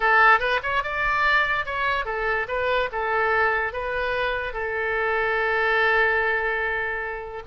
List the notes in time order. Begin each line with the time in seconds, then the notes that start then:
0.00 A4
0.39 B4
0.62 C#5
0.83 D5
1.65 C#5
2.05 A4
2.48 B4
2.92 A4
3.72 B4
4.53 A4